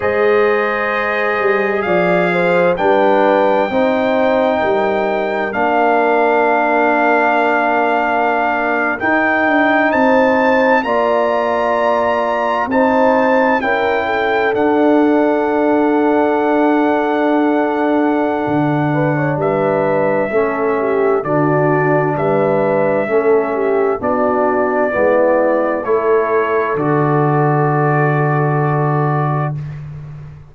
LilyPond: <<
  \new Staff \with { instrumentName = "trumpet" } { \time 4/4 \tempo 4 = 65 dis''2 f''4 g''4~ | g''2 f''2~ | f''4.~ f''16 g''4 a''4 ais''16~ | ais''4.~ ais''16 a''4 g''4 fis''16~ |
fis''1~ | fis''4 e''2 d''4 | e''2 d''2 | cis''4 d''2. | }
  \new Staff \with { instrumentName = "horn" } { \time 4/4 c''2 d''8 c''8 b'4 | c''4 ais'2.~ | ais'2~ ais'8. c''4 d''16~ | d''4.~ d''16 c''4 ais'8 a'8.~ |
a'1~ | a'8 b'16 cis''16 b'4 a'8 g'8 fis'4 | b'4 a'8 g'8 fis'4 e'4 | a'1 | }
  \new Staff \with { instrumentName = "trombone" } { \time 4/4 gis'2. d'4 | dis'2 d'2~ | d'4.~ d'16 dis'2 f'16~ | f'4.~ f'16 dis'4 e'4 d'16~ |
d'1~ | d'2 cis'4 d'4~ | d'4 cis'4 d'4 b4 | e'4 fis'2. | }
  \new Staff \with { instrumentName = "tuba" } { \time 4/4 gis4. g8 f4 g4 | c'4 g4 ais2~ | ais4.~ ais16 dis'8 d'8 c'4 ais16~ | ais4.~ ais16 c'4 cis'4 d'16~ |
d'1 | d4 g4 a4 d4 | g4 a4 b4 gis4 | a4 d2. | }
>>